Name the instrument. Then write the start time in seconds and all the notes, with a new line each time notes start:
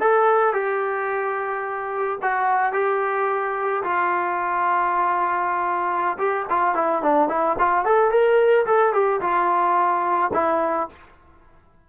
trombone
0.00 A4
0.54 G4
2.22 F#4
2.73 G4
3.84 F4
6.18 G4
6.50 F4
6.75 E4
7.03 D4
7.29 E4
7.59 F4
7.85 A4
8.11 A#4
8.66 A4
8.93 G4
9.21 F4
10.34 E4